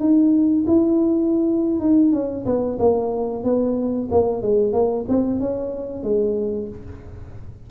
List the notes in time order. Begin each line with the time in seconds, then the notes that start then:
0.00 D#4
0.67 E4
1.80 D#4
2.13 C#4
2.46 B3
2.79 A#3
3.44 B3
4.12 A#3
4.42 G#3
4.73 A#3
5.08 C4
5.40 C#4
6.04 G#3